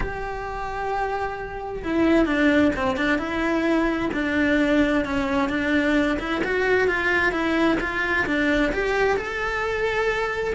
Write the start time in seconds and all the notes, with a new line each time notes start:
0.00 G4
1.83 E4
2.25 D4
2.76 C4
2.96 D4
3.18 E4
4.13 D4
5.04 C#4
5.49 D4
6.19 E4
6.44 F#4
6.87 F4
7.32 E4
7.80 F4
8.26 D4
8.72 G4
9.16 A4